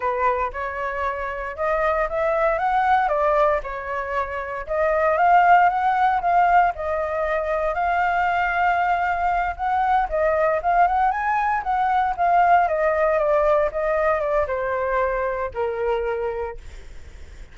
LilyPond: \new Staff \with { instrumentName = "flute" } { \time 4/4 \tempo 4 = 116 b'4 cis''2 dis''4 | e''4 fis''4 d''4 cis''4~ | cis''4 dis''4 f''4 fis''4 | f''4 dis''2 f''4~ |
f''2~ f''8 fis''4 dis''8~ | dis''8 f''8 fis''8 gis''4 fis''4 f''8~ | f''8 dis''4 d''4 dis''4 d''8 | c''2 ais'2 | }